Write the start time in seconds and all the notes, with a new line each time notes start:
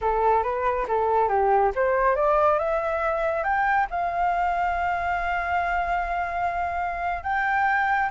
0.01 A4
0.43 B4
0.88 A4
1.28 G4
1.75 C5
2.15 D5
2.58 E5
3.43 G5
3.90 F5
7.23 G5